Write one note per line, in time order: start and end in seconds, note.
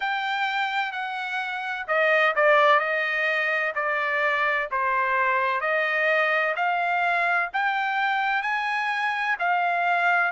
0.00 0.92 G5
0.92 1.85 F#5
1.87 2.34 D#5
2.35 2.79 D5
2.79 3.73 D#5
3.75 4.68 D5
4.71 5.60 C5
5.60 6.54 D#5
6.55 7.49 F5
7.53 8.42 G5
8.42 9.36 G#5
9.39 10.31 F5